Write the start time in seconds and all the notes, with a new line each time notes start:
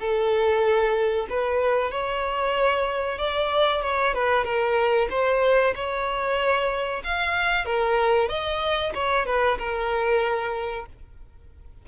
0.00 A4
1.30 B4
1.91 C#5
3.19 D5
3.82 C#5
4.14 B4
4.45 A#4
5.11 C5
5.76 C#5
7.04 F5
7.65 A#4
8.29 D#5
8.95 C#5
9.26 B4
9.59 A#4